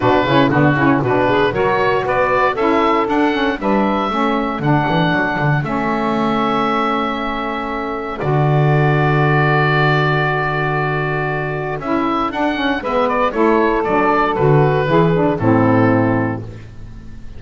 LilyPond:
<<
  \new Staff \with { instrumentName = "oboe" } { \time 4/4 \tempo 4 = 117 b'4 fis'4 b'4 cis''4 | d''4 e''4 fis''4 e''4~ | e''4 fis''2 e''4~ | e''1 |
d''1~ | d''2. e''4 | fis''4 e''8 d''8 cis''4 d''4 | b'2 a'2 | }
  \new Staff \with { instrumentName = "saxophone" } { \time 4/4 fis'8 e'8 d'8 e'8 fis'8 gis'8 ais'4 | b'4 a'2 b'4 | a'1~ | a'1~ |
a'1~ | a'1~ | a'4 b'4 a'2~ | a'4 gis'4 e'2 | }
  \new Staff \with { instrumentName = "saxophone" } { \time 4/4 d'8 cis'8 b8 cis'8 d'4 fis'4~ | fis'4 e'4 d'8 cis'8 d'4 | cis'4 d'2 cis'4~ | cis'1 |
fis'1~ | fis'2. e'4 | d'8 cis'8 b4 e'4 d'4 | fis'4 e'8 d'8 c'2 | }
  \new Staff \with { instrumentName = "double bass" } { \time 4/4 b,8 cis8 d8 cis8 b,4 fis4 | b4 cis'4 d'4 g4 | a4 d8 e8 fis8 d8 a4~ | a1 |
d1~ | d2. cis'4 | d'4 gis4 a4 fis4 | d4 e4 a,2 | }
>>